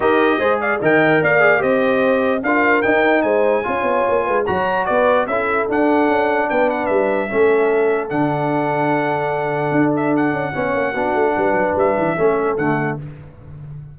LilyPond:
<<
  \new Staff \with { instrumentName = "trumpet" } { \time 4/4 \tempo 4 = 148 dis''4. f''8 g''4 f''4 | dis''2 f''4 g''4 | gis''2. ais''4 | d''4 e''4 fis''2 |
g''8 fis''8 e''2. | fis''1~ | fis''8 e''8 fis''2.~ | fis''4 e''2 fis''4 | }
  \new Staff \with { instrumentName = "horn" } { \time 4/4 ais'4 c''8 d''8 dis''4 d''4 | c''2 ais'2 | c''4 cis''4. b'8 cis''4 | b'4 a'2. |
b'2 a'2~ | a'1~ | a'2 cis''4 fis'4 | b'2 a'2 | }
  \new Staff \with { instrumentName = "trombone" } { \time 4/4 g'4 gis'4 ais'4. gis'8 | g'2 f'4 dis'4~ | dis'4 f'2 fis'4~ | fis'4 e'4 d'2~ |
d'2 cis'2 | d'1~ | d'2 cis'4 d'4~ | d'2 cis'4 a4 | }
  \new Staff \with { instrumentName = "tuba" } { \time 4/4 dis'4 gis4 dis4 ais4 | c'2 d'4 dis'4 | gis4 cis'8 b8 ais8 gis8 fis4 | b4 cis'4 d'4 cis'4 |
b4 g4 a2 | d1 | d'4. cis'8 b8 ais8 b8 a8 | g8 fis8 g8 e8 a4 d4 | }
>>